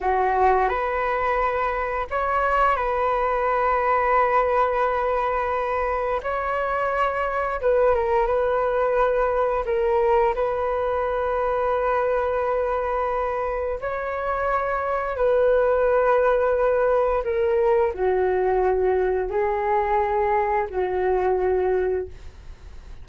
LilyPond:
\new Staff \with { instrumentName = "flute" } { \time 4/4 \tempo 4 = 87 fis'4 b'2 cis''4 | b'1~ | b'4 cis''2 b'8 ais'8 | b'2 ais'4 b'4~ |
b'1 | cis''2 b'2~ | b'4 ais'4 fis'2 | gis'2 fis'2 | }